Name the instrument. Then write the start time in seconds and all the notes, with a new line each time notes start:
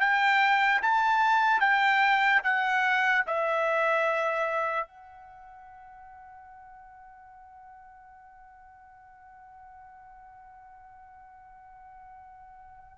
trumpet
0.00 G5
0.82 A5
1.60 G5
2.43 F#5
3.26 E5
4.87 F#5